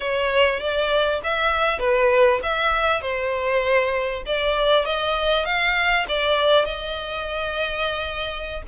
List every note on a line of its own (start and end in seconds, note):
0.00 0.60 C#5
0.60 1.20 D5
1.23 1.79 E5
1.79 2.39 B4
2.42 3.01 E5
3.01 4.23 C5
4.26 4.85 D5
4.85 5.45 D#5
5.45 6.05 F5
6.08 6.65 D5
6.65 8.62 D#5